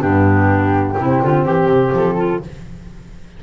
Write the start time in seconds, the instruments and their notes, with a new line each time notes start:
0.00 double bass G2, saxophone B3, clarinet D4, flute G4
0.98 double bass C3, saxophone C4, clarinet E4
1.22 double bass D3, clarinet F4
1.45 double bass E3, clarinet G4
1.67 double bass C3
1.93 double bass F3, flute A4
2.17 clarinet F4